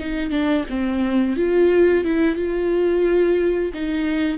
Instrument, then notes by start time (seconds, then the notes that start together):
viola
0.00 D#4
0.31 D4
0.70 C4
1.37 F4
2.05 E4
2.36 F4
3.74 D#4